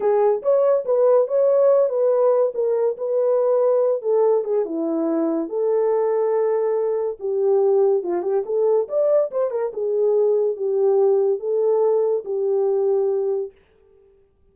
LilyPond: \new Staff \with { instrumentName = "horn" } { \time 4/4 \tempo 4 = 142 gis'4 cis''4 b'4 cis''4~ | cis''8 b'4. ais'4 b'4~ | b'4. a'4 gis'8 e'4~ | e'4 a'2.~ |
a'4 g'2 f'8 g'8 | a'4 d''4 c''8 ais'8 gis'4~ | gis'4 g'2 a'4~ | a'4 g'2. | }